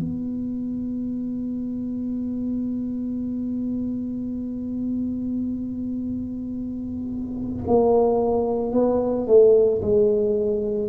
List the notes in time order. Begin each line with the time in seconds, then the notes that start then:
0.00 B3
7.68 A#3
8.73 B3
9.27 A3
9.82 G#3